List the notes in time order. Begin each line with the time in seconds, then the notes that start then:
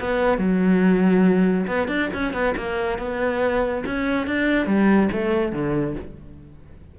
0.00 B3
0.38 F#3
1.67 B3
1.88 D4
2.14 C#4
2.33 B3
2.57 A#3
2.98 B3
3.86 C#4
4.27 D4
4.66 G3
5.12 A3
5.52 D3